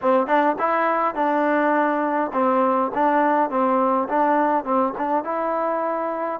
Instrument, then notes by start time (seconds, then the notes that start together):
trombone
0.01 C4
0.26 D4
0.58 E4
1.14 D4
2.33 C4
2.94 D4
3.50 C4
4.09 D4
4.64 C4
4.97 D4
5.23 E4